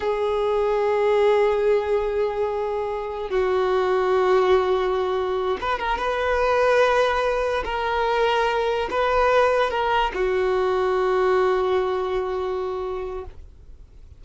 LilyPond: \new Staff \with { instrumentName = "violin" } { \time 4/4 \tempo 4 = 145 gis'1~ | gis'1 | fis'1~ | fis'4. b'8 ais'8 b'4.~ |
b'2~ b'8 ais'4.~ | ais'4. b'2 ais'8~ | ais'8 fis'2.~ fis'8~ | fis'1 | }